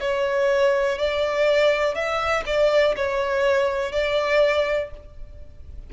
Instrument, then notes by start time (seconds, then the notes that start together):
violin
0.00 C#5
0.98 D5
1.94 E5
2.46 D5
2.96 C#5
3.92 D5